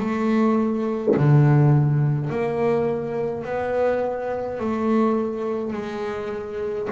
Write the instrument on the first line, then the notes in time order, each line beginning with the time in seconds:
double bass
0.00 A3
1.16 D3
2.30 A#3
3.45 B3
4.60 A3
5.73 G#3